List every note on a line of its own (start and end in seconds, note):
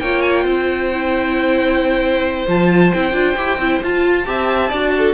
0.00 0.44 A#3
0.00 0.93 F4
0.00 0.44 C#5
0.00 0.21 G5
0.21 0.33 G#5
0.33 2.46 G5
0.44 2.46 C4
0.44 4.25 C5
0.93 2.48 E4
2.47 2.92 F3
2.47 2.93 F4
2.47 2.93 A5
2.93 3.13 C4
2.93 3.12 E4
2.93 3.83 G5
3.12 3.36 D4
3.12 3.35 F4
3.37 3.58 E4
3.37 3.60 G4
3.58 3.80 C4
3.58 3.83 E4
3.83 4.27 F4
3.83 4.25 F4
3.83 5.14 A5
4.25 4.72 C4
4.25 4.70 G4
4.25 4.69 E5
4.69 5.14 D4
4.69 5.14 F#4
4.69 4.91 D5
4.98 5.14 A4